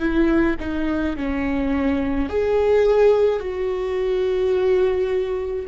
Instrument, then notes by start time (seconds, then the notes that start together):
viola
0.00 E4
0.60 D#4
1.17 C#4
2.30 G#4
3.40 F#4